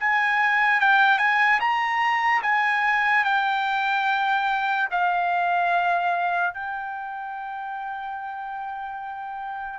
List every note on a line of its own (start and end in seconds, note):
0.00 0.81 G#5
0.81 1.19 G5
1.19 1.60 G#5
1.60 2.42 A#5
2.42 3.25 G#5
3.25 4.89 G5
4.91 6.54 F5
6.54 9.79 G5